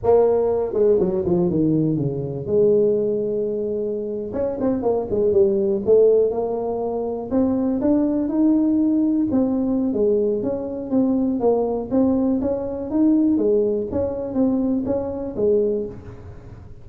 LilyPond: \new Staff \with { instrumentName = "tuba" } { \time 4/4 \tempo 4 = 121 ais4. gis8 fis8 f8 dis4 | cis4 gis2.~ | gis8. cis'8 c'8 ais8 gis8 g4 a16~ | a8. ais2 c'4 d'16~ |
d'8. dis'2 c'4~ c'16 | gis4 cis'4 c'4 ais4 | c'4 cis'4 dis'4 gis4 | cis'4 c'4 cis'4 gis4 | }